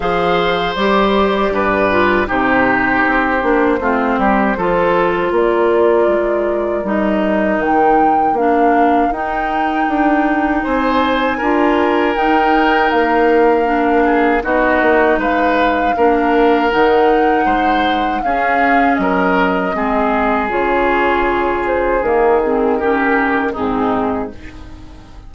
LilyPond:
<<
  \new Staff \with { instrumentName = "flute" } { \time 4/4 \tempo 4 = 79 f''4 d''2 c''4~ | c''2. d''4~ | d''4 dis''4 g''4 f''4 | g''2 gis''2 |
g''4 f''2 dis''4 | f''2 fis''2 | f''4 dis''2 cis''4~ | cis''8 c''8 ais'8 gis'8 ais'4 gis'4 | }
  \new Staff \with { instrumentName = "oboe" } { \time 4/4 c''2 b'4 g'4~ | g'4 f'8 g'8 a'4 ais'4~ | ais'1~ | ais'2 c''4 ais'4~ |
ais'2~ ais'8 gis'8 fis'4 | b'4 ais'2 c''4 | gis'4 ais'4 gis'2~ | gis'2 g'4 dis'4 | }
  \new Staff \with { instrumentName = "clarinet" } { \time 4/4 gis'4 g'4. f'8 dis'4~ | dis'8 d'8 c'4 f'2~ | f'4 dis'2 d'4 | dis'2. f'4 |
dis'2 d'4 dis'4~ | dis'4 d'4 dis'2 | cis'2 c'4 f'4~ | f'4 ais8 c'8 cis'4 c'4 | }
  \new Staff \with { instrumentName = "bassoon" } { \time 4/4 f4 g4 g,4 c4 | c'8 ais8 a8 g8 f4 ais4 | gis4 g4 dis4 ais4 | dis'4 d'4 c'4 d'4 |
dis'4 ais2 b8 ais8 | gis4 ais4 dis4 gis4 | cis'4 fis4 gis4 cis4~ | cis4 dis2 gis,4 | }
>>